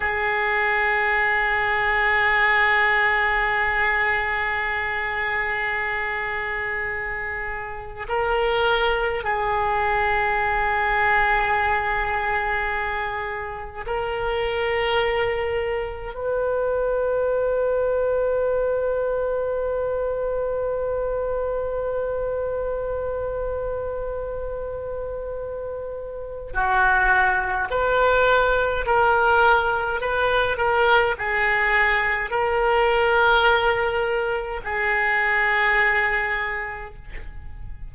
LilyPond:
\new Staff \with { instrumentName = "oboe" } { \time 4/4 \tempo 4 = 52 gis'1~ | gis'2. ais'4 | gis'1 | ais'2 b'2~ |
b'1~ | b'2. fis'4 | b'4 ais'4 b'8 ais'8 gis'4 | ais'2 gis'2 | }